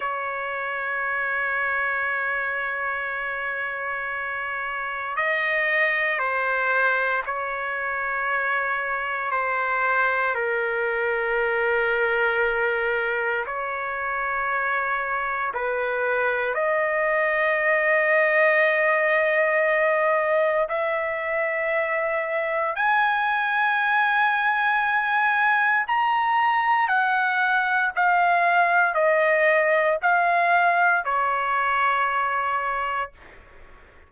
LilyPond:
\new Staff \with { instrumentName = "trumpet" } { \time 4/4 \tempo 4 = 58 cis''1~ | cis''4 dis''4 c''4 cis''4~ | cis''4 c''4 ais'2~ | ais'4 cis''2 b'4 |
dis''1 | e''2 gis''2~ | gis''4 ais''4 fis''4 f''4 | dis''4 f''4 cis''2 | }